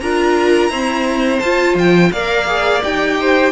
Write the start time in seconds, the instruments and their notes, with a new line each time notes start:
0.00 cello D4, viola F4, violin A#4 A#5
0.69 viola C4, cello E4, violin C5
1.39 cello F4, viola F4, violin A5
1.75 cello F3, violin G5
2.12 cello A#3, viola A#4, violin D5 F5
2.47 viola G#4
2.83 cello D#4, viola G4, violin G5
3.21 violin C5